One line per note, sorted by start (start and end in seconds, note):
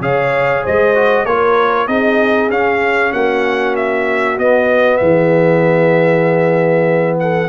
0.00 0.62 C#3
0.00 0.94 G#4
0.00 0.63 C#5
0.00 0.64 F5
0.63 1.24 G#3
0.63 1.26 C5
0.63 1.25 D#5
0.94 1.26 F#4
1.24 1.87 A#3
1.24 1.87 F4
1.24 1.88 A#4
1.24 1.87 C#5
1.87 2.49 C4
1.87 2.50 D#4
1.87 3.12 G#4
1.87 2.49 D#5
2.49 3.12 C#4
2.49 4.37 C#4
2.49 3.12 F5
3.12 4.38 A#3
3.12 5.00 F#4
3.12 3.75 F#5
3.75 4.38 E5
4.37 7.48 B3
4.37 5.00 B3
4.37 4.97 D#5
4.97 7.48 E3
4.97 7.19 G#4
4.97 7.16 E5
7.19 7.48 A4
7.19 7.48 F#5